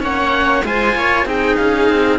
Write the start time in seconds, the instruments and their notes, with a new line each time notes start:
0.00 cello A#3 C#4, viola C#5, oboe F#5
0.64 cello G#3 F4, viola C5, oboe G#5
0.96 cello A#3, viola C#5
1.25 cello C4 D#4, viola G#4, oboe G5
1.56 cello C#4, oboe F5
1.90 cello C4